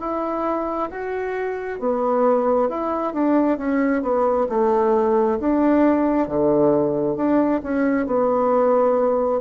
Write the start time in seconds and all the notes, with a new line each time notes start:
0.00 E4
0.91 F#4
1.80 B3
2.69 E4
3.14 D4
3.58 C#4
4.03 B3
4.49 A3
5.40 D4
6.28 D3
7.16 D4
7.63 C#4
8.06 B3